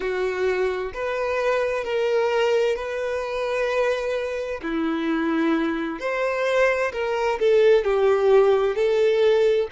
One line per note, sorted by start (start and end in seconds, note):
0.00 0.92 F#4
0.93 1.83 B4
1.83 2.76 A#4
2.76 4.60 B4
4.62 5.99 E4
5.99 6.91 C5
6.92 7.38 A#4
7.38 7.84 A4
7.84 8.75 G4
8.75 9.68 A4